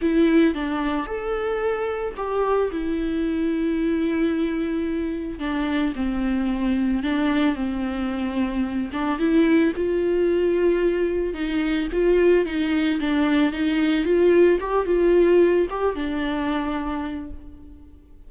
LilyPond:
\new Staff \with { instrumentName = "viola" } { \time 4/4 \tempo 4 = 111 e'4 d'4 a'2 | g'4 e'2.~ | e'2 d'4 c'4~ | c'4 d'4 c'2~ |
c'8 d'8 e'4 f'2~ | f'4 dis'4 f'4 dis'4 | d'4 dis'4 f'4 g'8 f'8~ | f'4 g'8 d'2~ d'8 | }